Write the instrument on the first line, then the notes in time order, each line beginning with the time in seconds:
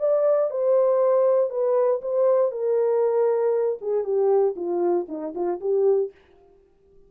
horn
0.00 D5
0.51 C5
1.51 B4
2.02 C5
2.52 A#4
3.81 G#4
4.04 G4
4.56 F4
5.09 D#4
5.35 F4
5.61 G4